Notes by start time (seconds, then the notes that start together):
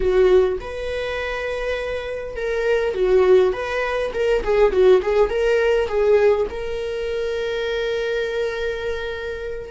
0.00 F#4
0.60 B4
2.36 A#4
2.94 F#4
3.52 B4
4.13 A#4
4.43 G#4
4.72 F#4
5.02 G#4
5.29 A#4
5.88 G#4
6.50 A#4